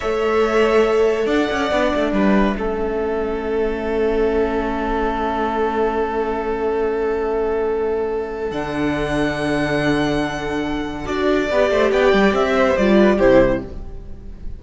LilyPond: <<
  \new Staff \with { instrumentName = "violin" } { \time 4/4 \tempo 4 = 141 e''2. fis''4~ | fis''4 e''2.~ | e''1~ | e''1~ |
e''1 | fis''1~ | fis''2 d''2 | g''4 e''4 d''4 c''4 | }
  \new Staff \with { instrumentName = "violin" } { \time 4/4 cis''2. d''4~ | d''4 b'4 a'2~ | a'1~ | a'1~ |
a'1~ | a'1~ | a'2. b'8 c''8 | d''4. c''4 b'8 g'4 | }
  \new Staff \with { instrumentName = "viola" } { \time 4/4 a'1 | d'2 cis'2~ | cis'1~ | cis'1~ |
cis'1 | d'1~ | d'2 fis'4 g'4~ | g'2 f'4 e'4 | }
  \new Staff \with { instrumentName = "cello" } { \time 4/4 a2. d'8 cis'8 | b8 a8 g4 a2~ | a1~ | a1~ |
a1 | d1~ | d2 d'4 b8 a8 | b8 g8 c'4 g4 c4 | }
>>